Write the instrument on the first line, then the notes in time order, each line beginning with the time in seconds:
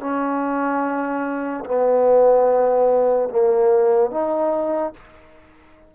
trombone
0.00 C#4
1.66 B3
3.29 A#3
4.11 D#4